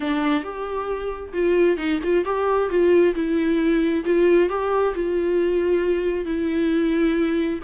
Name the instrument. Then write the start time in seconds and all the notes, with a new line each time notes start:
viola
0.00 D4
0.43 G4
1.33 F4
1.77 D#4
2.03 F4
2.24 G4
2.69 F4
3.14 E4
4.04 F4
4.49 G4
4.94 F4
6.25 E4